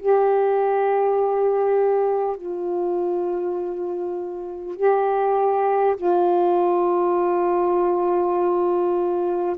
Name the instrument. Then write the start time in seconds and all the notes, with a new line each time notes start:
saxophone
0.00 G4
2.37 F4
4.76 G4
5.97 F4